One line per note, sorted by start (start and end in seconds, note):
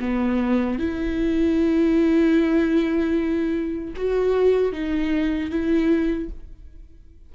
0.00 0.79 B3
0.79 3.95 E4
3.96 4.72 F#4
4.72 5.50 D#4
5.50 6.29 E4